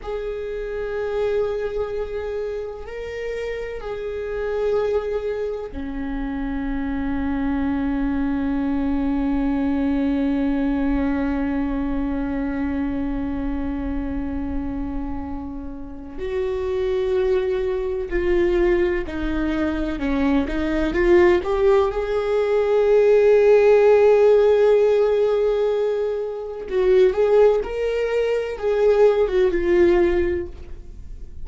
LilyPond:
\new Staff \with { instrumentName = "viola" } { \time 4/4 \tempo 4 = 63 gis'2. ais'4 | gis'2 cis'2~ | cis'1~ | cis'1~ |
cis'4 fis'2 f'4 | dis'4 cis'8 dis'8 f'8 g'8 gis'4~ | gis'1 | fis'8 gis'8 ais'4 gis'8. fis'16 f'4 | }